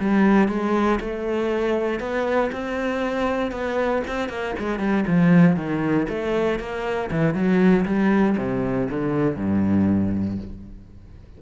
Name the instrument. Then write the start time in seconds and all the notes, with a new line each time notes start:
cello
0.00 G3
0.48 G#3
1.00 A3
1.99 B3
2.52 C4
3.51 B3
4.07 C4
4.29 A#3
4.59 G#3
4.79 G3
5.07 F3
5.56 D#3
6.09 A3
6.59 A#3
7.11 E3
7.34 F#3
7.85 G3
8.37 C3
8.90 D3
9.36 G2